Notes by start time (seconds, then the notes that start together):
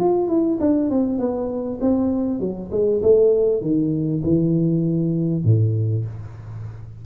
0.00 F4
0.28 E4
0.61 D4
0.91 C4
1.19 B3
1.82 C4
2.40 F#3
2.72 G#3
3.02 A3
3.62 D#3
4.24 E3
5.45 A2